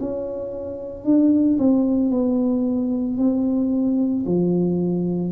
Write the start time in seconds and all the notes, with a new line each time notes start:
0.00 C#4
1.04 D4
1.58 C4
2.10 B3
3.18 C4
4.26 F3